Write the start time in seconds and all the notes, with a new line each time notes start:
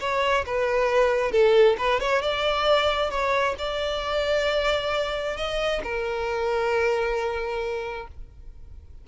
0.00 C#5
0.46 B4
1.31 A4
1.78 B4
2.00 C#5
2.22 D5
3.11 C#5
3.59 D5
5.37 D#5
5.84 A#4